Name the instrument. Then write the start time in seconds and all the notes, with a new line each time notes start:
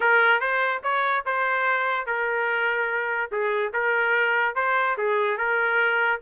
trumpet
0.00 A#4
0.40 C5
0.83 C#5
1.25 C5
2.06 A#4
3.31 G#4
3.73 A#4
4.55 C5
4.97 G#4
5.37 A#4